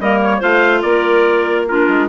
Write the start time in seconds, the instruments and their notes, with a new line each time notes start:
0.00 bassoon G3, clarinet A#3 A#4, trumpet D#5
0.23 trumpet C#5
0.38 bassoon A3, clarinet F4 C5, trumpet F5
0.82 bassoon A#3, clarinet A#4, trumpet D5
1.68 clarinet D4 F4, trumpet A#4
1.88 bassoon G#3